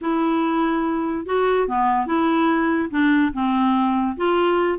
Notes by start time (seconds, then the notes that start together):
0.01 E4
1.26 F#4
1.68 B3
2.06 E4
2.90 D4
3.33 C4
4.16 F4